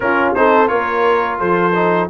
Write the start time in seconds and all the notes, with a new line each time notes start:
0.00 C#4 F4 A#4
0.34 C4 D#4 A4 C5
0.67 A#3 F4 A#4 C#5
1.38 F3 A4 C5
1.74 D#4